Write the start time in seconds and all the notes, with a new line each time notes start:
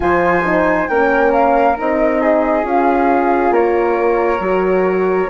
0.00 F3 F4 C5 G#5
0.45 D#4
0.87 A#3 C#4 A#4 G5
1.33 F5
1.76 C4 D#4 D#5
2.21 G#4
2.63 C#4 F4 F5
3.50 A#3 A#4 C#5
4.39 F#3 F#4